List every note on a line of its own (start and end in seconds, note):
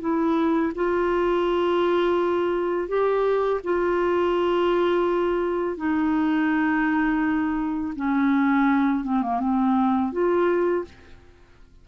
0.00 0.72 E4
0.75 2.88 F4
2.88 3.60 G4
3.63 5.77 F4
5.77 7.94 D#4
7.96 9.04 C#4
9.04 9.22 C4
9.22 9.39 A#3
9.39 10.12 C4
10.12 10.84 F4